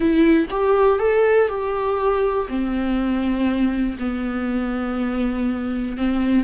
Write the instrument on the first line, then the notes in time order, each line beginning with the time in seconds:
viola
0.00 E4
0.50 G4
0.99 A4
1.48 G4
2.48 C4
3.99 B3
5.97 C4